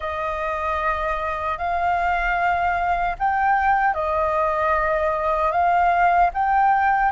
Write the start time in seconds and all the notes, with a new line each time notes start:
0.00 D#5
1.58 F5
3.18 G5
3.94 D#5
5.51 F5
6.33 G5